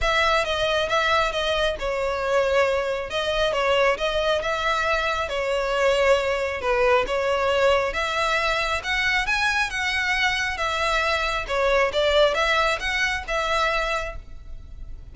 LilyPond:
\new Staff \with { instrumentName = "violin" } { \time 4/4 \tempo 4 = 136 e''4 dis''4 e''4 dis''4 | cis''2. dis''4 | cis''4 dis''4 e''2 | cis''2. b'4 |
cis''2 e''2 | fis''4 gis''4 fis''2 | e''2 cis''4 d''4 | e''4 fis''4 e''2 | }